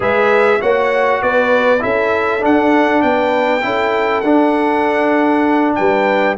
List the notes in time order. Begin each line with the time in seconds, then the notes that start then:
0.00 G#3 G#4 B4 E5
0.60 A#3 F#4 C#5 F#5
1.22 B3 B4 D5
1.79 C#4 E4 A4 E5
2.40 D4 F#5
3.02 B3 B4 G5
3.62 C#4 E4 A4
4.20 D4 F#5
5.75 G3 B4 G5